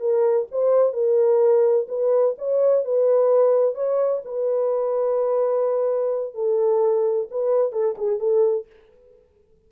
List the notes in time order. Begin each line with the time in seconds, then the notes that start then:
0.00 A#4
0.52 C5
0.93 A#4
1.89 B4
2.38 C#5
2.85 B4
3.75 C#5
4.25 B4
6.35 A4
7.31 B4
7.72 A4
7.98 G#4
8.19 A4